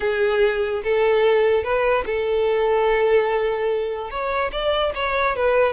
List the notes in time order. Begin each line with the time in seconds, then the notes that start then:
0.00 G#4
0.83 A4
1.63 B4
2.06 A4
4.10 C#5
4.51 D5
4.94 C#5
5.36 B4